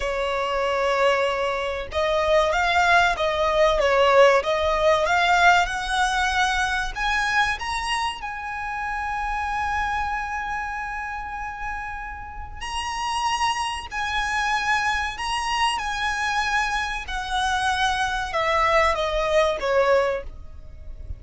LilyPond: \new Staff \with { instrumentName = "violin" } { \time 4/4 \tempo 4 = 95 cis''2. dis''4 | f''4 dis''4 cis''4 dis''4 | f''4 fis''2 gis''4 | ais''4 gis''2.~ |
gis''1 | ais''2 gis''2 | ais''4 gis''2 fis''4~ | fis''4 e''4 dis''4 cis''4 | }